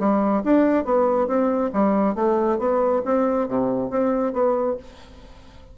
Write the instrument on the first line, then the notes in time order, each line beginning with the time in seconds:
bassoon
0.00 G3
0.44 D4
0.85 B3
1.28 C4
1.73 G3
2.15 A3
2.59 B3
3.05 C4
3.49 C3
3.91 C4
4.33 B3